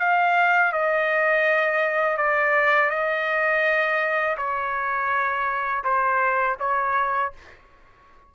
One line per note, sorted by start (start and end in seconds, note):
0.00 0.73 F5
0.73 2.18 D#5
2.18 2.91 D5
2.91 4.37 D#5
4.38 5.84 C#5
5.84 6.58 C5
6.60 7.33 C#5